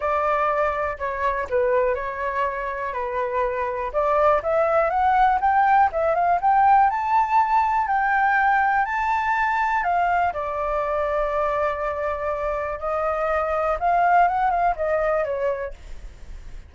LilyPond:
\new Staff \with { instrumentName = "flute" } { \time 4/4 \tempo 4 = 122 d''2 cis''4 b'4 | cis''2 b'2 | d''4 e''4 fis''4 g''4 | e''8 f''8 g''4 a''2 |
g''2 a''2 | f''4 d''2.~ | d''2 dis''2 | f''4 fis''8 f''8 dis''4 cis''4 | }